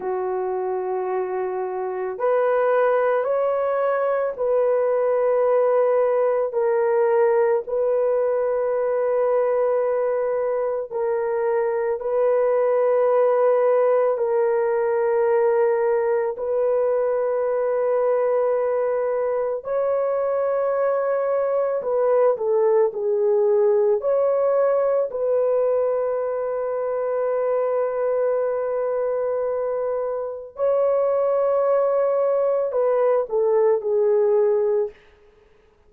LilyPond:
\new Staff \with { instrumentName = "horn" } { \time 4/4 \tempo 4 = 55 fis'2 b'4 cis''4 | b'2 ais'4 b'4~ | b'2 ais'4 b'4~ | b'4 ais'2 b'4~ |
b'2 cis''2 | b'8 a'8 gis'4 cis''4 b'4~ | b'1 | cis''2 b'8 a'8 gis'4 | }